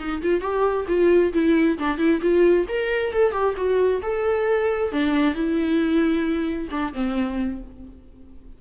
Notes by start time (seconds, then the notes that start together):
0.00 D#4
0.23 F4
0.41 G4
0.89 F4
1.34 E4
1.79 D4
1.98 E4
2.22 F4
2.69 A#4
3.14 A4
3.33 G4
3.57 F#4
4.03 A4
4.93 D4
5.35 E4
6.71 D4
6.94 C4